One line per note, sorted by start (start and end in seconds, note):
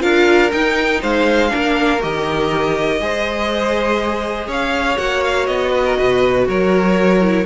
0.00 0.53 D4
0.00 0.50 F4
0.00 1.01 A#4
0.00 0.52 F5
0.52 1.50 D#4
0.52 1.03 D#4
0.52 1.02 G5
1.01 1.53 G#3
1.01 1.51 C5
1.01 2.02 F5
1.50 2.04 A#3
1.50 1.99 D4
1.50 3.02 A#4
2.00 3.01 D#3
2.00 2.99 G4
2.00 4.50 D#5
3.01 4.48 G#3
3.01 4.98 G#4
3.01 4.48 C5
4.48 4.97 C#4
4.48 5.72 C#5
4.48 4.98 F5
4.98 5.48 A#3
4.98 7.21 F#4
4.98 5.23 F#5
5.24 5.46 F5
5.46 5.98 B3
5.46 6.46 D#5
5.72 5.84 B4
5.85 5.98 A#4
5.98 6.48 B2
5.98 6.48 B4
6.48 7.46 F#3
6.48 7.46 A#4
6.48 7.46 C#5
7.21 7.46 E4